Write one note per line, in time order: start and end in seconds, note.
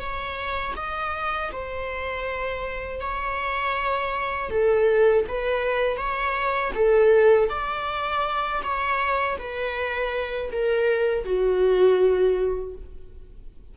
0.00 0.75 C#5
0.77 1.52 D#5
1.52 3.01 C5
3.01 4.51 C#5
4.51 5.26 A4
5.28 5.97 B4
5.97 6.72 C#5
6.75 7.50 A4
7.50 8.62 D5
8.63 9.38 C#5
9.38 10.51 B4
10.52 11.25 A#4
11.25 12.75 F#4